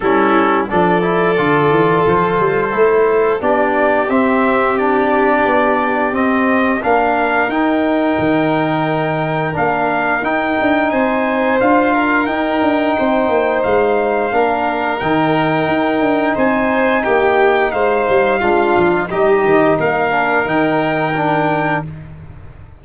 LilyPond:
<<
  \new Staff \with { instrumentName = "trumpet" } { \time 4/4 \tempo 4 = 88 a'4 d''2 c''4~ | c''4 d''4 e''4 d''4~ | d''4 dis''4 f''4 g''4~ | g''2 f''4 g''4 |
gis''4 f''4 g''2 | f''2 g''2 | gis''4 g''4 f''2 | dis''4 f''4 g''2 | }
  \new Staff \with { instrumentName = "violin" } { \time 4/4 e'4 a'2.~ | a'4 g'2.~ | g'2 ais'2~ | ais'1 |
c''4. ais'4. c''4~ | c''4 ais'2. | c''4 g'4 c''4 f'4 | g'4 ais'2. | }
  \new Staff \with { instrumentName = "trombone" } { \time 4/4 cis'4 d'8 e'8 f'2 | e'4 d'4 c'4 d'4~ | d'4 c'4 d'4 dis'4~ | dis'2 d'4 dis'4~ |
dis'4 f'4 dis'2~ | dis'4 d'4 dis'2~ | dis'2. d'4 | dis'4. d'8 dis'4 d'4 | }
  \new Staff \with { instrumentName = "tuba" } { \time 4/4 g4 f4 d8 e8 f8 g8 | a4 b4 c'2 | b4 c'4 ais4 dis'4 | dis2 ais4 dis'8 d'8 |
c'4 d'4 dis'8 d'8 c'8 ais8 | gis4 ais4 dis4 dis'8 d'8 | c'4 ais4 gis8 g8 gis8 f8 | g8 dis8 ais4 dis2 | }
>>